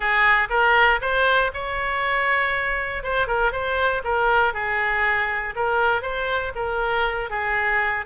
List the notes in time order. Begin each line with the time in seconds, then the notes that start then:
0.00 G#4
0.49 A#4
1.01 C5
1.53 C#5
3.03 C5
3.27 A#4
3.52 C5
4.04 A#4
4.53 G#4
5.55 A#4
6.01 C5
6.55 A#4
7.29 G#4